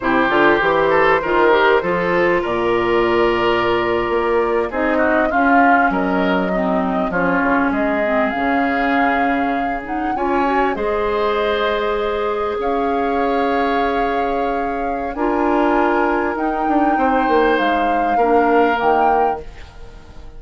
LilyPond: <<
  \new Staff \with { instrumentName = "flute" } { \time 4/4 \tempo 4 = 99 c''1 | d''2.~ d''8. dis''16~ | dis''8. f''4 dis''2 cis''16~ | cis''8. dis''4 f''2~ f''16~ |
f''16 fis''8 gis''4 dis''2~ dis''16~ | dis''8. f''2.~ f''16~ | f''4 gis''2 g''4~ | g''4 f''2 g''4 | }
  \new Staff \with { instrumentName = "oboe" } { \time 4/4 g'4. a'8 ais'4 a'4 | ais'2.~ ais'8. gis'16~ | gis'16 fis'8 f'4 ais'4 dis'4 f'16~ | f'8. gis'2.~ gis'16~ |
gis'8. cis''4 c''2~ c''16~ | c''8. cis''2.~ cis''16~ | cis''4 ais'2. | c''2 ais'2 | }
  \new Staff \with { instrumentName = "clarinet" } { \time 4/4 e'8 f'8 g'4 f'8 g'8 f'4~ | f'2.~ f'8. dis'16~ | dis'8. cis'2 c'4 cis'16~ | cis'4~ cis'16 c'8 cis'2~ cis'16~ |
cis'16 dis'8 f'8 fis'8 gis'2~ gis'16~ | gis'1~ | gis'4 f'2 dis'4~ | dis'2 d'4 ais4 | }
  \new Staff \with { instrumentName = "bassoon" } { \time 4/4 c8 d8 e4 dis4 f4 | ais,2~ ais,8. ais4 c'16~ | c'8. cis'4 fis2 f16~ | f16 cis8 gis4 cis2~ cis16~ |
cis8. cis'4 gis2~ gis16~ | gis8. cis'2.~ cis'16~ | cis'4 d'2 dis'8 d'8 | c'8 ais8 gis4 ais4 dis4 | }
>>